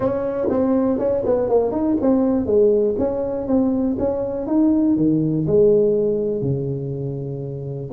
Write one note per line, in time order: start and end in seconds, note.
0.00 0.48 C#4
0.49 0.98 C4
0.98 1.23 C#4
1.25 1.49 B3
1.49 1.71 A#3
1.71 1.96 D#4
2.01 2.45 C4
2.45 2.95 G#3
2.98 3.47 C#4
3.47 3.96 C4
3.98 4.47 C#4
4.47 4.96 D#4
4.96 5.45 D#3
5.47 6.41 G#3
6.41 7.90 C#3